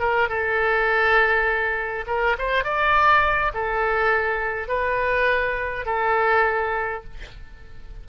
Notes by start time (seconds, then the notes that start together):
0.00 A#4
0.29 A4
2.07 A#4
2.39 C5
2.64 D5
3.55 A4
4.68 B4
5.86 A4